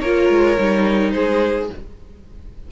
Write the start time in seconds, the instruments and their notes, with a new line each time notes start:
0.00 cello A#3, viola F4, violin A#4 C#5
0.29 cello G#3
0.57 cello G3, viola D#4
1.11 cello G#3, violin G#4 C5